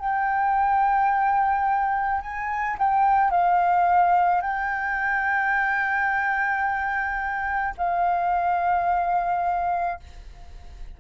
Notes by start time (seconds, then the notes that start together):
0.00 G5
2.22 G#5
2.79 G5
3.31 F5
4.42 G5
7.78 F5